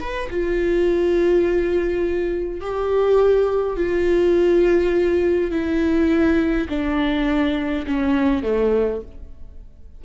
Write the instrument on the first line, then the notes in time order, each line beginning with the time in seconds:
viola
0.00 B4
0.30 F4
2.61 G4
3.76 F4
5.51 E4
6.69 D4
7.87 C#4
8.43 A3